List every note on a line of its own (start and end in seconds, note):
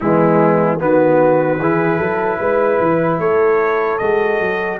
0.00 0.81 E3
0.00 0.79 G#3
0.00 0.80 B3
0.00 0.79 E4
0.79 1.59 D#3
0.79 1.59 B3
0.79 1.58 F#4
0.79 3.19 B4
1.58 1.99 E3
1.58 4.00 E4
1.58 1.97 G#4
1.97 2.39 F#3
1.97 2.37 A4
2.39 2.79 G#3
2.39 3.20 B4
2.80 3.18 E3
3.18 3.98 A3
3.18 4.79 A4
3.18 3.98 C#5
3.98 4.40 G#3
3.98 4.79 F#4
3.98 4.78 D#5
4.40 4.79 F#3